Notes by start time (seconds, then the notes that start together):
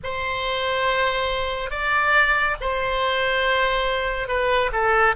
0.04 C5
1.70 D5
2.60 C5
4.28 B4
4.72 A4